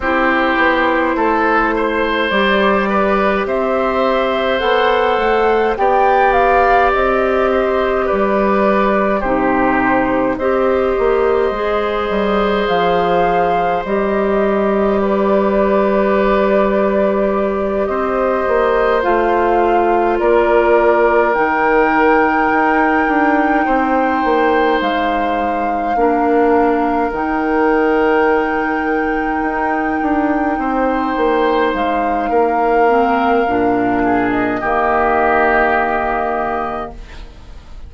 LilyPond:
<<
  \new Staff \with { instrumentName = "flute" } { \time 4/4 \tempo 4 = 52 c''2 d''4 e''4 | fis''4 g''8 f''8 dis''4 d''4 | c''4 dis''2 f''4 | dis''4 d''2~ d''8 dis''8~ |
dis''8 f''4 d''4 g''4.~ | g''4. f''2 g''8~ | g''2.~ g''8 f''8~ | f''4.~ f''16 dis''2~ dis''16 | }
  \new Staff \with { instrumentName = "oboe" } { \time 4/4 g'4 a'8 c''4 b'8 c''4~ | c''4 d''4. c''8 b'4 | g'4 c''2.~ | c''4 b'2~ b'8 c''8~ |
c''4. ais'2~ ais'8~ | ais'8 c''2 ais'4.~ | ais'2~ ais'8 c''4. | ais'4. gis'8 g'2 | }
  \new Staff \with { instrumentName = "clarinet" } { \time 4/4 e'2 g'2 | a'4 g'2. | dis'4 g'4 gis'2 | g'1~ |
g'8 f'2 dis'4.~ | dis'2~ dis'8 d'4 dis'8~ | dis'1~ | dis'8 c'8 d'4 ais2 | }
  \new Staff \with { instrumentName = "bassoon" } { \time 4/4 c'8 b8 a4 g4 c'4 | b8 a8 b4 c'4 g4 | c4 c'8 ais8 gis8 g8 f4 | g2.~ g8 c'8 |
ais8 a4 ais4 dis4 dis'8 | d'8 c'8 ais8 gis4 ais4 dis8~ | dis4. dis'8 d'8 c'8 ais8 gis8 | ais4 ais,4 dis2 | }
>>